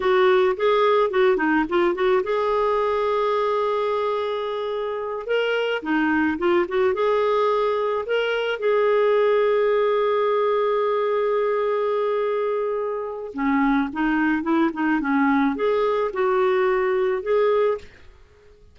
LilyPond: \new Staff \with { instrumentName = "clarinet" } { \time 4/4 \tempo 4 = 108 fis'4 gis'4 fis'8 dis'8 f'8 fis'8 | gis'1~ | gis'4. ais'4 dis'4 f'8 | fis'8 gis'2 ais'4 gis'8~ |
gis'1~ | gis'1 | cis'4 dis'4 e'8 dis'8 cis'4 | gis'4 fis'2 gis'4 | }